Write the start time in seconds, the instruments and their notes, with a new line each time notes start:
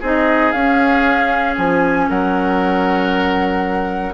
0.00 bassoon C4, clarinet D#4, oboe G#4, flute D#5
0.51 bassoon C#4, clarinet C#4, flute F5
1.57 bassoon F3, flute G#5
2.09 bassoon F#3, oboe A#4, flute F#5